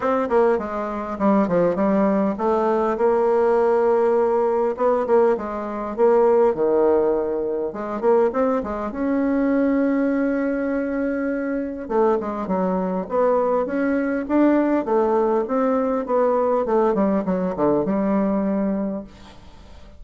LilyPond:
\new Staff \with { instrumentName = "bassoon" } { \time 4/4 \tempo 4 = 101 c'8 ais8 gis4 g8 f8 g4 | a4 ais2. | b8 ais8 gis4 ais4 dis4~ | dis4 gis8 ais8 c'8 gis8 cis'4~ |
cis'1 | a8 gis8 fis4 b4 cis'4 | d'4 a4 c'4 b4 | a8 g8 fis8 d8 g2 | }